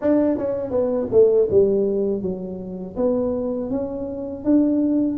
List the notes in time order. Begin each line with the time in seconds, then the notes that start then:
0.01 D4
0.37 C#4
0.70 B3
1.11 A3
1.50 G3
2.22 F#3
2.96 B3
3.70 C#4
4.44 D4